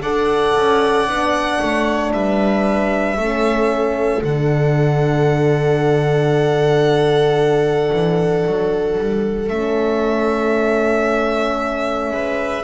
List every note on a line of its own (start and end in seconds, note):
0.00 0.53 D4
0.00 1.08 A4
0.00 1.59 D5
0.00 2.12 F#5
0.57 1.08 C#4
1.08 1.60 B3
1.08 3.18 D4
1.59 2.13 A3
1.59 2.12 C#5
2.13 3.17 G3
2.13 3.19 B4
2.13 4.23 E5
3.17 4.22 A3
3.17 4.23 C#4
3.17 12.13 A4
4.23 7.91 D3
4.23 9.51 D4
4.23 9.49 F#5
7.93 8.46 E3
8.47 8.98 F#3
8.98 9.49 G3
9.49 12.11 A3
9.49 12.64 C#4
9.49 12.64 E5
12.11 12.63 G#3
12.11 12.64 B4